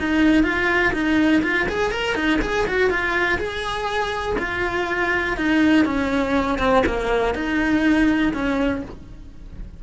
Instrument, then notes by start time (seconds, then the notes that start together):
cello
0.00 D#4
0.44 F4
0.93 D#4
1.43 F4
1.69 G#4
1.92 A#4
2.15 D#4
2.42 G#4
2.67 F#4
2.91 F4
3.38 G#4
4.39 F4
5.37 D#4
5.86 C#4
6.59 C4
6.87 A#3
7.35 D#4
8.34 C#4